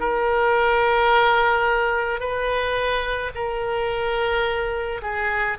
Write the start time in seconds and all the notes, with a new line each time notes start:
0.00 A#4
2.20 B4
3.34 A#4
5.02 G#4